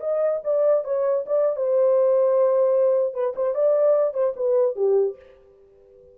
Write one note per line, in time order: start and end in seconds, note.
0.00 0.40 D#5
0.44 0.84 D5
0.84 1.24 C#5
1.26 1.56 D5
1.56 3.14 C5
3.14 3.34 B4
3.36 3.55 C5
3.55 4.14 D5
4.14 4.34 C5
4.36 4.76 B4
4.76 5.16 G4